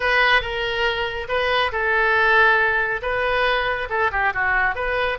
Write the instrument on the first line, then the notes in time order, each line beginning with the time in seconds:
oboe
0.00 B4
0.41 A#4
1.28 B4
1.71 A4
3.02 B4
3.89 A4
4.11 G4
4.33 F#4
4.75 B4